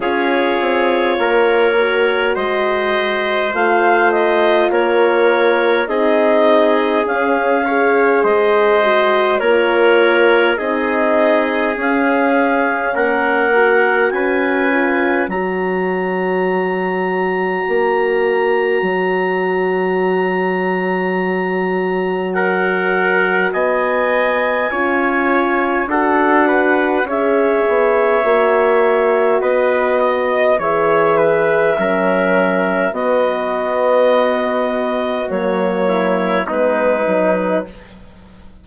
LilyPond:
<<
  \new Staff \with { instrumentName = "clarinet" } { \time 4/4 \tempo 4 = 51 cis''2 dis''4 f''8 dis''8 | cis''4 dis''4 f''4 dis''4 | cis''4 dis''4 f''4 fis''4 | gis''4 ais''2.~ |
ais''2. fis''4 | gis''2 fis''4 e''4~ | e''4 dis''4 e''2 | dis''2 cis''4 b'4 | }
  \new Staff \with { instrumentName = "trumpet" } { \time 4/4 gis'4 ais'4 c''2 | ais'4 gis'4. cis''8 c''4 | ais'4 gis'2 ais'4 | b'4 cis''2.~ |
cis''2. ais'4 | dis''4 cis''4 a'8 b'8 cis''4~ | cis''4 b'8 dis''8 cis''8 b'8 ais'4 | fis'2~ fis'8 e'8 dis'4 | }
  \new Staff \with { instrumentName = "horn" } { \time 4/4 f'4. fis'4. f'4~ | f'4 dis'4 cis'8 gis'4 fis'8 | f'4 dis'4 cis'4. fis'8~ | fis'8 f'8 fis'2.~ |
fis'1~ | fis'4 f'4 fis'4 gis'4 | fis'2 gis'4 cis'4 | b2 ais4 b8 dis'8 | }
  \new Staff \with { instrumentName = "bassoon" } { \time 4/4 cis'8 c'8 ais4 gis4 a4 | ais4 c'4 cis'4 gis4 | ais4 c'4 cis'4 ais4 | cis'4 fis2 ais4 |
fis1 | b4 cis'4 d'4 cis'8 b8 | ais4 b4 e4 fis4 | b2 fis4 gis8 fis8 | }
>>